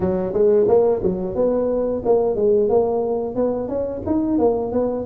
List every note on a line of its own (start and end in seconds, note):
0.00 0.33 F#3
0.33 0.66 G#3
0.68 1.01 A#3
1.02 1.35 F#3
1.35 2.02 B3
2.05 2.35 A#3
2.35 2.69 G#3
2.69 3.35 A#3
3.35 3.68 B3
3.68 4.01 C#4
4.06 4.38 D#4
4.38 4.72 A#3
4.72 5.05 B3